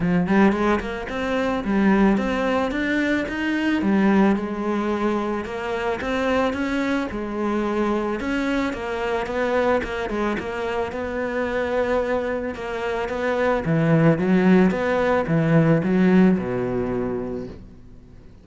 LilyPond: \new Staff \with { instrumentName = "cello" } { \time 4/4 \tempo 4 = 110 f8 g8 gis8 ais8 c'4 g4 | c'4 d'4 dis'4 g4 | gis2 ais4 c'4 | cis'4 gis2 cis'4 |
ais4 b4 ais8 gis8 ais4 | b2. ais4 | b4 e4 fis4 b4 | e4 fis4 b,2 | }